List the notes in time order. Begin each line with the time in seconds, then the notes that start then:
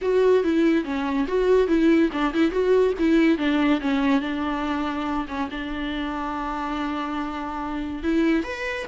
0.01 F#4
0.43 E4
0.84 C#4
1.27 F#4
1.67 E4
2.12 D4
2.33 E4
2.51 F#4
2.98 E4
3.38 D4
3.80 C#4
4.20 D4
5.28 C#4
5.50 D4
8.03 E4
8.43 B4